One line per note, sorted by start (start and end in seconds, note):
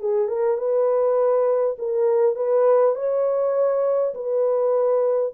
0.00 0.28 G#4
0.28 0.58 A#4
0.58 1.77 B4
1.78 2.36 A#4
2.36 2.95 B4
2.95 4.14 C#5
4.14 5.33 B4